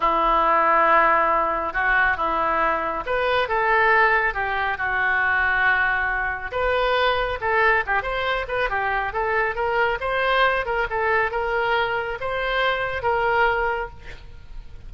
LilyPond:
\new Staff \with { instrumentName = "oboe" } { \time 4/4 \tempo 4 = 138 e'1 | fis'4 e'2 b'4 | a'2 g'4 fis'4~ | fis'2. b'4~ |
b'4 a'4 g'8 c''4 b'8 | g'4 a'4 ais'4 c''4~ | c''8 ais'8 a'4 ais'2 | c''2 ais'2 | }